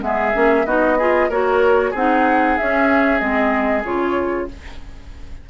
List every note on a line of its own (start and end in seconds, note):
0.00 0.33 G#3
0.00 0.32 B3
0.00 0.66 G#4
0.00 0.66 E5
0.32 0.65 A#3
0.32 0.64 C#4
0.65 1.29 B3
0.65 0.98 D#4
0.65 0.98 F#4
0.65 1.29 D#5
0.98 1.30 F4
0.98 1.28 G#4
1.28 1.93 A#3
1.28 1.94 F#4
1.28 1.90 A#4
1.28 1.94 C#5
1.90 2.58 C4
1.90 2.59 D#4
1.90 4.45 G#4
1.90 2.57 F#5
2.57 3.19 C#4
2.57 3.20 C#4
2.57 3.19 E5
3.19 3.84 G#3
3.19 3.83 C4
3.19 3.83 D#5
3.84 4.49 C#3
3.84 4.48 F4
3.84 4.48 C#5